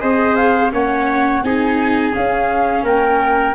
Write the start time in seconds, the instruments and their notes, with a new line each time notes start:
0.00 tuba C4, viola G#4, trumpet C5, flute D#5
0.36 flute F5
0.71 tuba A#3, viola C#4, trumpet C#5, flute F#5
1.43 tuba C4, viola D#4, trumpet G#4, flute G#5
2.12 viola C#4, tuba C#4, flute F5
2.83 tuba A#3, trumpet A#4, flute G5